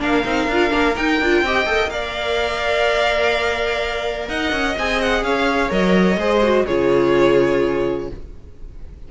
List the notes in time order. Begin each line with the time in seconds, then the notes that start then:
0.00 A#3 D4 A#4 F5
0.25 C4 D#4
0.48 D4 F4
0.70 A#3 D4
0.97 D#4 G5
1.21 D4 F4
1.42 C4 G4 D#5
1.66 A#3 A4
1.90 A#4 D5 F5
4.29 D#4 D#5 F#5
4.52 C#4
4.78 C4 G#4 G#5
5.02 F#5
5.23 C#4 C#5 F5
5.70 F#3 A#4 D#5
6.17 G#3 G#4 C5
6.44 F#4
6.66 C#3 F4 G#4 C#5